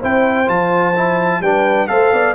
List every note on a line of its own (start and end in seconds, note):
0.00 0.48 C4
0.00 0.46 E4
0.00 1.41 C5
0.00 0.49 G5
0.46 1.41 F3
0.46 0.93 F4
0.46 1.42 A5
0.96 1.43 E4
1.41 1.87 G3
1.41 1.88 D4
1.41 1.89 B4
1.41 1.87 G5
1.87 2.12 A3
1.87 2.35 A4
1.87 2.13 C5
1.87 2.34 F5
2.13 2.35 B3
2.13 2.35 D5